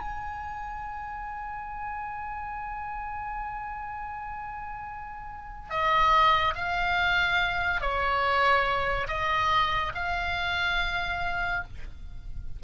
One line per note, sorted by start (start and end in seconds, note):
0.00 5.70 G#5
5.70 6.55 D#5
6.55 7.81 F5
7.81 9.08 C#5
9.08 9.93 D#5
9.95 11.64 F5